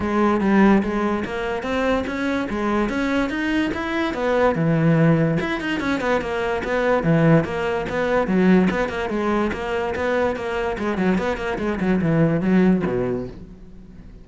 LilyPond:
\new Staff \with { instrumentName = "cello" } { \time 4/4 \tempo 4 = 145 gis4 g4 gis4 ais4 | c'4 cis'4 gis4 cis'4 | dis'4 e'4 b4 e4~ | e4 e'8 dis'8 cis'8 b8 ais4 |
b4 e4 ais4 b4 | fis4 b8 ais8 gis4 ais4 | b4 ais4 gis8 fis8 b8 ais8 | gis8 fis8 e4 fis4 b,4 | }